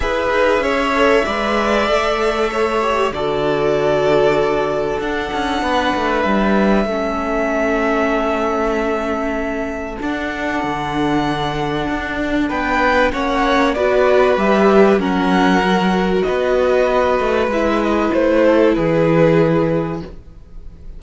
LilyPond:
<<
  \new Staff \with { instrumentName = "violin" } { \time 4/4 \tempo 4 = 96 e''1~ | e''4 d''2. | fis''2 e''2~ | e''1 |
fis''1 | g''4 fis''4 d''4 e''4 | fis''2 dis''2 | e''8 dis''8 c''4 b'2 | }
  \new Staff \with { instrumentName = "violin" } { \time 4/4 b'4 cis''4 d''2 | cis''4 a'2.~ | a'4 b'2 a'4~ | a'1~ |
a'1 | b'4 cis''4 b'2 | ais'2 b'2~ | b'4. a'8 gis'2 | }
  \new Staff \with { instrumentName = "viola" } { \time 4/4 gis'4. a'8 b'4 a'4~ | a'8 g'8 fis'2. | d'2. cis'4~ | cis'1 |
d'1~ | d'4 cis'4 fis'4 g'4 | cis'4 fis'2. | e'1 | }
  \new Staff \with { instrumentName = "cello" } { \time 4/4 e'8 dis'8 cis'4 gis4 a4~ | a4 d2. | d'8 cis'8 b8 a8 g4 a4~ | a1 |
d'4 d2 d'4 | b4 ais4 b4 g4 | fis2 b4. a8 | gis4 a4 e2 | }
>>